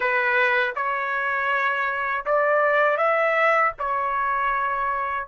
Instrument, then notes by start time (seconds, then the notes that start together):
trumpet
0.00 B4
0.75 C#5
2.25 D5
2.97 E5
3.78 C#5